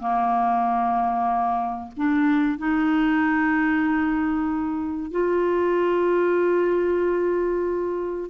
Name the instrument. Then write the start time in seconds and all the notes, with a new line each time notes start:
clarinet
0.00 A#3
1.97 D4
2.58 D#4
5.11 F4